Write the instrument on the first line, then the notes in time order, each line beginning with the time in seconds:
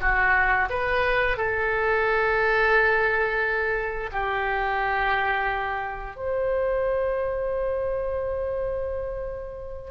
oboe
0.00 F#4
0.69 B4
1.37 A4
4.12 G4
6.15 C5